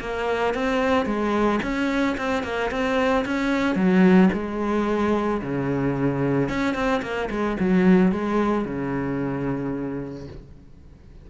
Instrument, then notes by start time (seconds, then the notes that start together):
cello
0.00 A#3
0.54 C4
1.06 G#3
1.62 C#4
2.17 C4
2.43 A#3
2.71 C4
3.25 C#4
3.75 F#3
4.33 G#3
5.42 C#3
6.49 C#4
6.74 C4
7.02 A#3
7.30 G#3
7.59 F#3
8.12 G#3
8.65 C#3